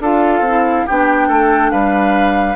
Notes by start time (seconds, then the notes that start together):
0.00 D4 F4 A4 F5
0.40 C4
0.47 E4
0.86 B3 D4 G4 G5
1.27 A3 A4
1.71 G3 B4 F5